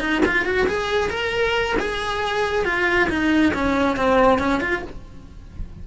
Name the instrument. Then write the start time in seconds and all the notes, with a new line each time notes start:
cello
0.00 D#4
0.26 F4
0.45 F#4
0.67 G#4
1.10 A#4
1.79 G#4
2.65 F4
3.09 D#4
3.54 C#4
3.96 C4
4.39 C#4
4.60 F4